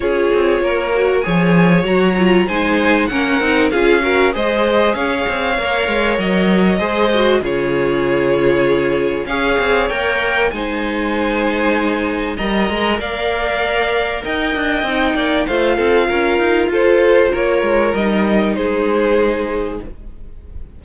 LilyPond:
<<
  \new Staff \with { instrumentName = "violin" } { \time 4/4 \tempo 4 = 97 cis''2 gis''4 ais''4 | gis''4 fis''4 f''4 dis''4 | f''2 dis''2 | cis''2. f''4 |
g''4 gis''2. | ais''4 f''2 g''4~ | g''4 f''2 c''4 | cis''4 dis''4 c''2 | }
  \new Staff \with { instrumentName = "violin" } { \time 4/4 gis'4 ais'4 cis''2 | c''4 ais'4 gis'8 ais'8 c''4 | cis''2. c''4 | gis'2. cis''4~ |
cis''4 c''2. | dis''4 d''2 dis''4~ | dis''8 d''8 c''8 a'8 ais'4 a'4 | ais'2 gis'2 | }
  \new Staff \with { instrumentName = "viola" } { \time 4/4 f'4. fis'8 gis'4 fis'8 f'8 | dis'4 cis'8 dis'8 f'8 fis'8 gis'4~ | gis'4 ais'2 gis'8 fis'8 | f'2. gis'4 |
ais'4 dis'2. | ais'1 | dis'4 f'2.~ | f'4 dis'2. | }
  \new Staff \with { instrumentName = "cello" } { \time 4/4 cis'8 c'8 ais4 f4 fis4 | gis4 ais8 c'8 cis'4 gis4 | cis'8 c'8 ais8 gis8 fis4 gis4 | cis2. cis'8 c'8 |
ais4 gis2. | g8 gis8 ais2 dis'8 d'8 | c'8 ais8 a8 c'8 cis'8 dis'8 f'4 | ais8 gis8 g4 gis2 | }
>>